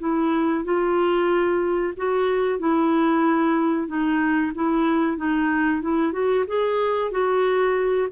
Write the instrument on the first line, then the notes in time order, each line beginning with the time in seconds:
clarinet
0.00 E4
0.65 F4
1.97 F#4
2.60 E4
3.88 D#4
4.55 E4
5.18 D#4
5.82 E4
6.13 F#4
6.48 G#4
7.12 F#4